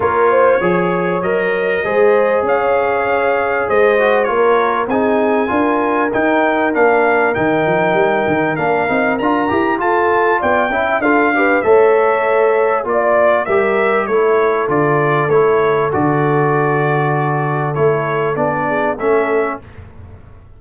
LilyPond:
<<
  \new Staff \with { instrumentName = "trumpet" } { \time 4/4 \tempo 4 = 98 cis''2 dis''2 | f''2 dis''4 cis''4 | gis''2 g''4 f''4 | g''2 f''4 ais''4 |
a''4 g''4 f''4 e''4~ | e''4 d''4 e''4 cis''4 | d''4 cis''4 d''2~ | d''4 cis''4 d''4 e''4 | }
  \new Staff \with { instrumentName = "horn" } { \time 4/4 ais'8 c''8 cis''2 c''4 | cis''2 c''4 ais'4 | gis'4 ais'2.~ | ais'1 |
a'4 d''8 e''8 a'8 b'8 cis''4~ | cis''4 d''4 ais'4 a'4~ | a'1~ | a'2~ a'8 gis'8 a'4 | }
  \new Staff \with { instrumentName = "trombone" } { \time 4/4 f'4 gis'4 ais'4 gis'4~ | gis'2~ gis'8 fis'8 f'4 | dis'4 f'4 dis'4 d'4 | dis'2 d'8 dis'8 f'8 g'8 |
f'4. e'8 f'8 g'8 a'4~ | a'4 f'4 g'4 e'4 | f'4 e'4 fis'2~ | fis'4 e'4 d'4 cis'4 | }
  \new Staff \with { instrumentName = "tuba" } { \time 4/4 ais4 f4 fis4 gis4 | cis'2 gis4 ais4 | c'4 d'4 dis'4 ais4 | dis8 f8 g8 dis8 ais8 c'8 d'8 e'8 |
f'4 b8 cis'8 d'4 a4~ | a4 ais4 g4 a4 | d4 a4 d2~ | d4 a4 b4 a4 | }
>>